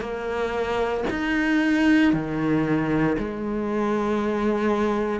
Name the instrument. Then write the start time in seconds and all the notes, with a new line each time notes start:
cello
0.00 A#3
1.10 D#4
2.13 D#3
3.18 G#3